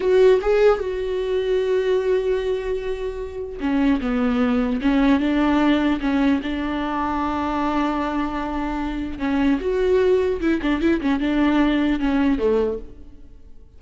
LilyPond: \new Staff \with { instrumentName = "viola" } { \time 4/4 \tempo 4 = 150 fis'4 gis'4 fis'2~ | fis'1~ | fis'4 cis'4 b2 | cis'4 d'2 cis'4 |
d'1~ | d'2. cis'4 | fis'2 e'8 d'8 e'8 cis'8 | d'2 cis'4 a4 | }